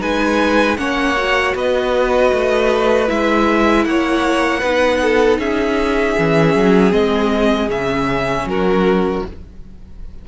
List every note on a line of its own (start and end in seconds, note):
0.00 0.78 G#3
0.00 0.77 D#4
0.00 0.77 B4
0.00 0.77 G#5
0.77 1.55 A#3
0.77 1.16 C#4
0.77 1.56 C#5
0.77 1.54 F#5
1.17 3.07 F#4
1.55 2.32 B3
1.55 3.86 B4
1.55 3.09 D#5
2.32 3.09 A3
3.07 3.86 G#3
3.07 4.61 E4
3.07 3.85 E5
3.85 4.63 A#3
3.85 4.60 C#5
3.85 5.39 F#5
4.60 5.39 B3
4.60 6.17 D#4
4.60 4.98 B4
5.02 5.40 A4
5.39 6.16 C#4
5.39 8.47 G#4
5.39 6.92 E5
6.17 6.55 E3
6.17 6.90 C#4
6.55 6.93 F#3
6.90 7.69 G#3
6.90 7.67 C4
6.90 7.69 D#5
7.69 8.45 C#3
7.69 9.23 C#4
7.69 8.48 E5
8.45 9.22 F#3
8.45 9.26 A#4
8.51 9.28 F#4